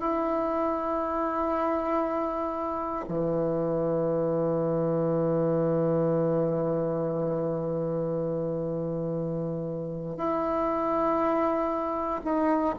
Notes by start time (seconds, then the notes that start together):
0.00 E4
3.08 E3
10.17 E4
12.24 D#4